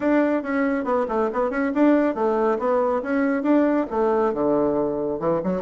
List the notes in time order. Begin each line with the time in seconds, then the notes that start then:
0.00 D4
0.43 C#4
0.84 B3
1.08 A3
1.32 B3
1.50 C#4
1.74 D4
2.15 A3
2.59 B3
3.02 C#4
3.42 D4
3.90 A3
4.33 D3
5.19 E3
5.43 F#3